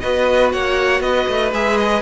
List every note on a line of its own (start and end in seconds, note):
0.00 0.54 B3
0.00 1.52 F#4
0.00 0.53 B4
0.00 0.50 D#5
0.52 1.01 A#3
0.52 1.03 C#5
0.52 1.01 F#5
1.01 1.26 B3
1.01 2.02 B4
1.01 1.52 D#5
1.28 1.53 A3
1.53 2.02 G#3
1.53 2.02 G#4
1.53 1.78 E5
1.78 2.02 D#5